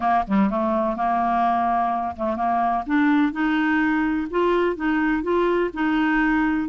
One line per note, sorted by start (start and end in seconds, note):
0.00 0.24 A#3
0.27 0.50 G3
0.50 0.96 A3
0.96 2.15 A#3
2.16 2.36 A3
2.36 2.84 A#3
2.86 3.32 D4
3.32 4.27 D#4
4.30 4.76 F4
4.76 5.23 D#4
5.23 5.70 F4
5.73 6.68 D#4